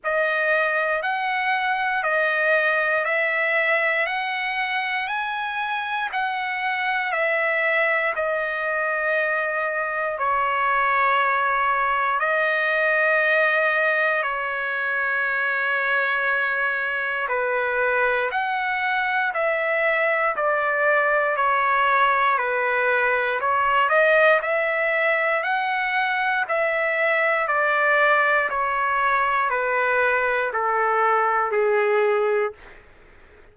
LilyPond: \new Staff \with { instrumentName = "trumpet" } { \time 4/4 \tempo 4 = 59 dis''4 fis''4 dis''4 e''4 | fis''4 gis''4 fis''4 e''4 | dis''2 cis''2 | dis''2 cis''2~ |
cis''4 b'4 fis''4 e''4 | d''4 cis''4 b'4 cis''8 dis''8 | e''4 fis''4 e''4 d''4 | cis''4 b'4 a'4 gis'4 | }